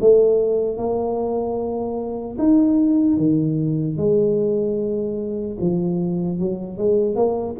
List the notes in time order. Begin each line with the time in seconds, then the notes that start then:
0.00 A3
0.77 A#3
2.38 D#4
3.17 D#3
3.97 G#3
5.60 F3
6.39 F#3
6.77 G#3
7.16 A#3